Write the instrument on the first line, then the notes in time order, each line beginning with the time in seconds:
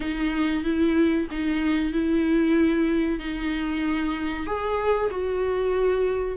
viola
0.00 D#4
0.64 E4
1.30 D#4
1.92 E4
3.19 D#4
4.46 G#4
5.10 F#4